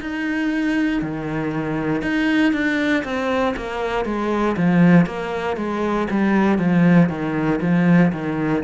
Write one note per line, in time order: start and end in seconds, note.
0.00 1.02 D#4
1.02 2.02 D#3
2.02 2.52 D#4
2.52 3.03 D4
3.04 3.55 C4
3.56 4.05 A#3
4.05 4.56 G#3
4.56 5.05 F3
5.05 5.56 A#3
5.57 6.07 G#3
6.10 6.58 G3
6.58 7.09 F3
7.09 7.59 D#3
7.61 8.12 F3
8.12 8.63 D#3